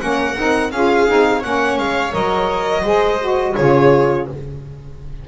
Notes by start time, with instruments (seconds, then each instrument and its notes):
0.00 double bass A#3, saxophone C#4, viola A#4, violin F#5
0.36 double bass C4, saxophone D#4
0.71 double bass C#4, saxophone F4, viola G#4, violin F5
1.07 double bass C4, saxophone D#4
1.40 double bass A#3, saxophone C#4, viola C#5, violin F#5
1.78 double bass G#3, violin F5
2.12 double bass F#3, saxophone A#4, violin D#5
2.82 double bass G#3, saxophone G#4, viola C5
3.21 saxophone F#4
3.55 double bass C#3, saxophone F4, viola G#4, violin C#5